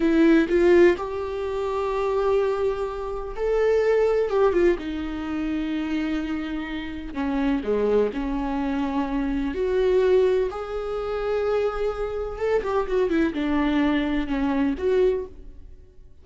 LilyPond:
\new Staff \with { instrumentName = "viola" } { \time 4/4 \tempo 4 = 126 e'4 f'4 g'2~ | g'2. a'4~ | a'4 g'8 f'8 dis'2~ | dis'2. cis'4 |
gis4 cis'2. | fis'2 gis'2~ | gis'2 a'8 g'8 fis'8 e'8 | d'2 cis'4 fis'4 | }